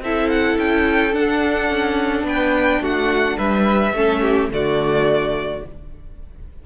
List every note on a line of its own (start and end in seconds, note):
0.00 0.56 C4
0.00 1.12 E4
0.00 2.27 A4
0.00 0.30 E5
0.30 0.58 F#5
0.58 1.14 C#4
0.58 1.14 G5
1.12 3.93 D4
1.12 1.70 D4
1.12 2.26 F#5
1.70 2.23 C#4
2.23 2.79 B3
2.23 2.82 B4
2.23 2.84 G5
2.81 3.37 A3
2.81 3.37 F#4
2.81 3.38 F#5
3.37 3.93 G3
3.37 3.93 B4
3.37 4.50 E5
3.93 4.49 A3
3.93 4.51 C#4
3.93 4.21 A4
4.21 4.49 G4
4.49 5.61 D3
4.49 5.63 A3
4.49 5.66 F#4
4.49 5.65 D5